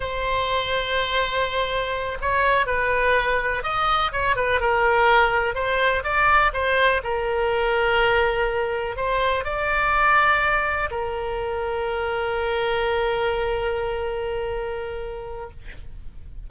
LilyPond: \new Staff \with { instrumentName = "oboe" } { \time 4/4 \tempo 4 = 124 c''1~ | c''8 cis''4 b'2 dis''8~ | dis''8 cis''8 b'8 ais'2 c''8~ | c''8 d''4 c''4 ais'4.~ |
ais'2~ ais'8 c''4 d''8~ | d''2~ d''8 ais'4.~ | ais'1~ | ais'1 | }